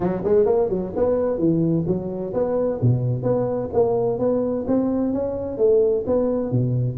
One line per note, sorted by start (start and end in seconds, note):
0.00 0.22 F#3
0.24 0.45 G#3
0.45 0.68 A#3
0.69 0.92 F#3
0.96 1.38 B3
1.38 1.85 E3
1.86 2.33 F#3
2.33 2.80 B3
2.81 3.23 B2
3.23 3.69 B3
3.73 4.19 A#3
4.19 4.65 B3
4.67 5.13 C4
5.13 5.57 C#4
5.57 6.04 A3
6.06 6.51 B3
6.51 6.97 B2